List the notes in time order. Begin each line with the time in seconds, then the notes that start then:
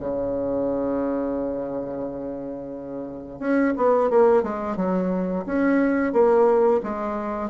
0.00 C#3
3.40 C#4
3.77 B3
4.10 A#3
4.43 G#3
4.77 F#3
5.46 C#4
6.13 A#3
6.84 G#3